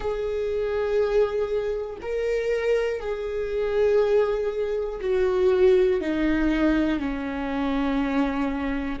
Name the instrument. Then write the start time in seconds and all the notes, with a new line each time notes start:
viola
0.00 G#4
2.02 A#4
3.00 G#4
5.00 F#4
6.00 D#4
6.99 C#4